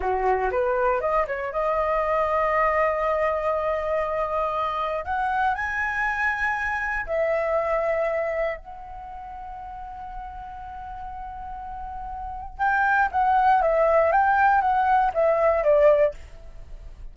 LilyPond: \new Staff \with { instrumentName = "flute" } { \time 4/4 \tempo 4 = 119 fis'4 b'4 dis''8 cis''8 dis''4~ | dis''1~ | dis''2 fis''4 gis''4~ | gis''2 e''2~ |
e''4 fis''2.~ | fis''1~ | fis''4 g''4 fis''4 e''4 | g''4 fis''4 e''4 d''4 | }